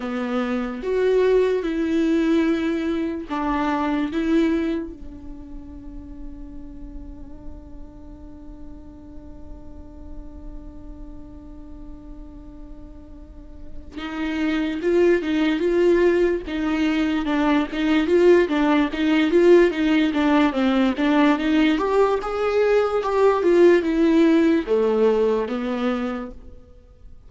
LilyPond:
\new Staff \with { instrumentName = "viola" } { \time 4/4 \tempo 4 = 73 b4 fis'4 e'2 | d'4 e'4 d'2~ | d'1~ | d'1~ |
d'4 dis'4 f'8 dis'8 f'4 | dis'4 d'8 dis'8 f'8 d'8 dis'8 f'8 | dis'8 d'8 c'8 d'8 dis'8 g'8 gis'4 | g'8 f'8 e'4 a4 b4 | }